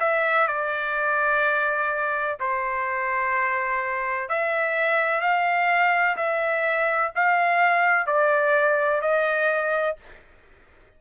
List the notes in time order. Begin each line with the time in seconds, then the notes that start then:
0.00 E5
0.48 D5
2.40 C5
4.29 E5
5.21 F5
6.16 E5
7.16 F5
8.07 D5
9.01 D#5